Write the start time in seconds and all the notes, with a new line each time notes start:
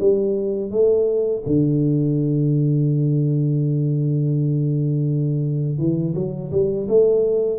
0.00 G3
0.70 A3
1.46 D3
5.78 E3
6.14 F#3
6.51 G3
6.88 A3